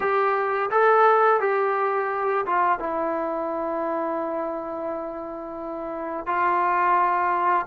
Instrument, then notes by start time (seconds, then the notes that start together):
trombone
0.00 G4
0.70 A4
1.40 G4
2.45 F4
2.79 E4
6.26 F4